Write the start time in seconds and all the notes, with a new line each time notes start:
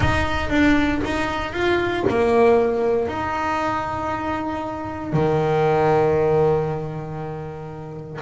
0.00 D#4
0.49 D4
1.04 D#4
1.52 F4
2.09 A#3
3.07 D#4
5.12 D#3